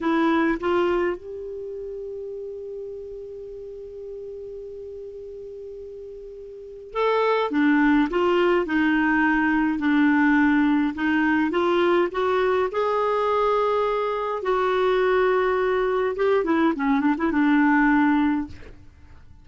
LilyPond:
\new Staff \with { instrumentName = "clarinet" } { \time 4/4 \tempo 4 = 104 e'4 f'4 g'2~ | g'1~ | g'1 | a'4 d'4 f'4 dis'4~ |
dis'4 d'2 dis'4 | f'4 fis'4 gis'2~ | gis'4 fis'2. | g'8 e'8 cis'8 d'16 e'16 d'2 | }